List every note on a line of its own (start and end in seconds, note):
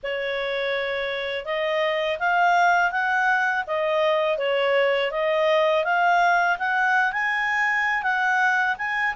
0.03 1.45 C#5
1.45 2.18 D#5
2.19 2.91 F5
2.91 3.65 F#5
3.66 4.37 D#5
4.37 5.11 C#5
5.11 5.84 D#5
5.84 6.57 F5
6.58 7.12 F#5
7.12 8.03 G#5
8.03 8.76 F#5
8.78 9.14 G#5